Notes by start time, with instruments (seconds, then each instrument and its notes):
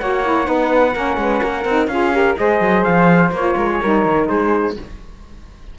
0.00 cello A#3, saxophone F#4, flute C#5, trumpet F#5
0.25 saxophone E4
0.45 cello B3, saxophone D#4, flute B4
0.94 cello A#3, saxophone C#4, flute A#4
1.17 cello G#3, flute B4
1.43 cello A#3, flute A#4
1.65 cello C4, saxophone D#4
1.88 cello C#4, saxophone F4, flute G#4, trumpet F5
2.13 saxophone G4, flute A#4
2.36 cello G#3, saxophone G#4, flute C5, trumpet D#5
2.61 cello F#3
2.84 cello F3, trumpet F5
3.32 cello A#3, saxophone F4, trumpet C#5
3.57 cello G#3, flute A#4
3.70 flute G#4
3.82 cello G3, saxophone D#4, flute A#4
4.06 cello D#3
4.28 cello G#3, flute G#4, trumpet C5